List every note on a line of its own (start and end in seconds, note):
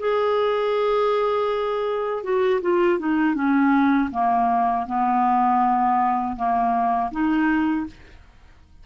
0.00 2.24 G#4
2.24 2.61 F#4
2.62 2.99 F4
2.99 3.35 D#4
3.35 4.10 C#4
4.11 4.86 A#3
4.86 6.36 B3
6.36 7.11 A#3
7.12 7.87 D#4